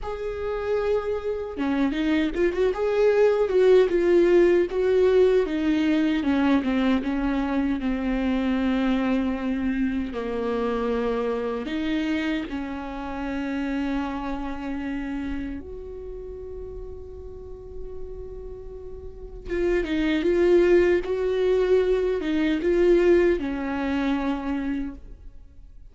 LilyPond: \new Staff \with { instrumentName = "viola" } { \time 4/4 \tempo 4 = 77 gis'2 cis'8 dis'8 f'16 fis'16 gis'8~ | gis'8 fis'8 f'4 fis'4 dis'4 | cis'8 c'8 cis'4 c'2~ | c'4 ais2 dis'4 |
cis'1 | fis'1~ | fis'4 f'8 dis'8 f'4 fis'4~ | fis'8 dis'8 f'4 cis'2 | }